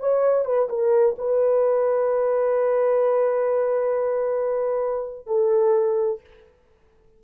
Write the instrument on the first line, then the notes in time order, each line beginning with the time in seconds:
horn
0.00 C#5
0.45 B4
0.69 A#4
1.19 B4
5.27 A4